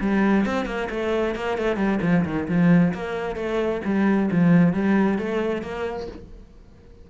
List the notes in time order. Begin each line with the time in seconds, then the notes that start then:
0.00 G3
0.45 C4
0.65 A#3
0.90 A3
1.35 A#3
1.57 A3
1.76 G3
2.02 F3
2.25 D#3
2.48 F3
2.94 A#3
3.36 A3
3.85 G3
4.31 F3
4.73 G3
5.18 A3
5.62 A#3